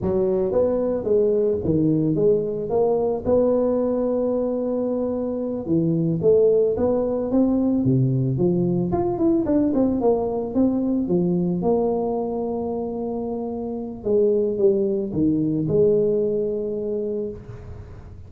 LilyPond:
\new Staff \with { instrumentName = "tuba" } { \time 4/4 \tempo 4 = 111 fis4 b4 gis4 dis4 | gis4 ais4 b2~ | b2~ b8 e4 a8~ | a8 b4 c'4 c4 f8~ |
f8 f'8 e'8 d'8 c'8 ais4 c'8~ | c'8 f4 ais2~ ais8~ | ais2 gis4 g4 | dis4 gis2. | }